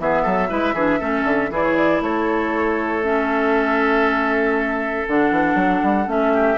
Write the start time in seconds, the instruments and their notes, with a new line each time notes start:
0.00 bassoon E3, clarinet B3, oboe G#4, flute E5
0.23 bassoon F#3, oboe A4
0.49 bassoon G#3, clarinet E4, oboe B4
0.74 bassoon E3, clarinet D4, oboe G#4
1.00 bassoon A3, clarinet C#4, oboe A4
1.25 bassoon D3
1.50 bassoon E3, clarinet E4, oboe G#4, flute D5
1.64 flute C#5
1.76 flute D5
2.01 bassoon A3, oboe A4, flute C#5
3.04 clarinet C#4, flute E5
5.08 bassoon D3, clarinet D4, flute F#5
5.31 bassoon E3
5.55 bassoon F#3
5.83 bassoon G3
6.07 bassoon A3, clarinet C#4, flute E5
6.34 oboe G4